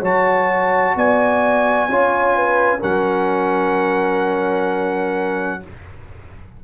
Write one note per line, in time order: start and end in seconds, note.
0.00 0.96 F#3
0.00 1.89 F#4
0.00 0.94 C#5
0.00 0.98 A5
0.96 1.88 B3
0.96 1.90 D5
0.96 2.83 G#5
1.88 2.82 C#4
1.88 2.79 F4
1.88 2.36 C#5
2.36 2.80 B4
2.79 5.64 F#3
2.79 5.61 C#4
2.79 5.61 A#4
2.79 5.64 F#5